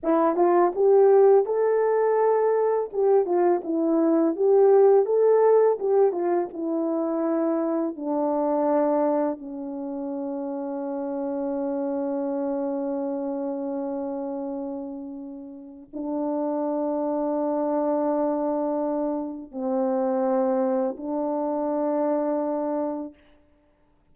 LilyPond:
\new Staff \with { instrumentName = "horn" } { \time 4/4 \tempo 4 = 83 e'8 f'8 g'4 a'2 | g'8 f'8 e'4 g'4 a'4 | g'8 f'8 e'2 d'4~ | d'4 cis'2.~ |
cis'1~ | cis'2 d'2~ | d'2. c'4~ | c'4 d'2. | }